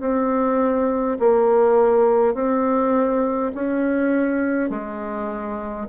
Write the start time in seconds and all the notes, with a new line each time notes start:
0.00 C4
1.19 A#3
2.34 C4
3.55 C#4
4.70 G#3